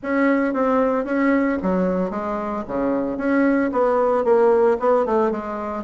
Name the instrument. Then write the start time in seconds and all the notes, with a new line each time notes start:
bassoon
0.02 C#4
0.53 C4
1.05 C#4
1.62 F#3
2.10 G#3
2.67 C#3
3.17 C#4
3.72 B3
4.24 A#3
4.79 B3
5.05 A3
5.31 G#3